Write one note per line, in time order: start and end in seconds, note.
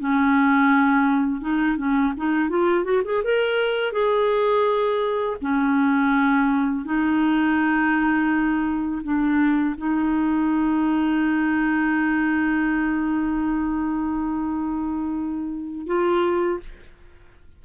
0.00 1.41 C#4
1.41 1.77 D#4
1.78 2.14 C#4
2.17 2.50 D#4
2.50 2.85 F4
2.85 3.03 F#4
3.05 3.23 G#4
3.24 3.92 A#4
3.92 5.37 G#4
5.42 6.85 C#4
6.85 9.02 D#4
9.03 9.76 D4
9.78 15.87 D#4
15.87 16.59 F4